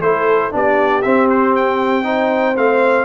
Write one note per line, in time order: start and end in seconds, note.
0.00 0.51 A3
0.00 0.51 E4
0.00 0.54 A4
0.00 0.52 C5
0.51 1.05 B3
0.51 1.02 D4
0.51 2.05 G4
0.51 1.02 D5
1.02 2.03 C4
1.02 2.57 C4
1.02 1.27 E5
1.29 1.55 C5
1.56 2.57 G5
2.03 2.54 D#4
2.03 3.05 C5
2.57 3.05 A3
2.57 3.05 C4
2.57 3.05 F5